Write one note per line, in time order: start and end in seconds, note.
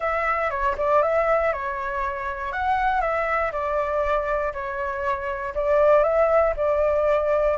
0.00 0.50 E5
0.50 0.75 C#5
0.77 1.02 D5
1.02 1.52 E5
1.52 2.52 C#5
2.52 3.01 F#5
3.01 3.51 E5
3.52 4.52 D5
4.53 5.54 C#5
5.54 6.03 D5
6.03 6.53 E5
6.56 7.57 D5